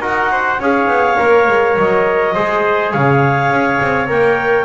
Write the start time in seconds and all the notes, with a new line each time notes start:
0.00 D#4 F#4 A#4 F#5
0.32 C5
0.59 C#4 G#4 C#5 F5
0.87 B3
1.18 A#3 A#4
1.48 G#3
1.78 F#3 D#5
2.35 G#3 G#4 C5
2.92 C#3 C#5 F5
3.50 C#4
3.82 C4
4.07 A#3 A#4 G5